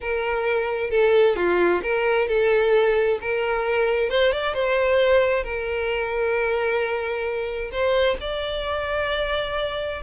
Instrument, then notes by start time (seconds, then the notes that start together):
violin
0.00 A#4
0.90 A4
1.36 F4
1.82 A#4
2.28 A4
3.21 A#4
4.09 C5
4.32 D5
4.54 C5
5.43 A#4
7.71 C5
8.20 D5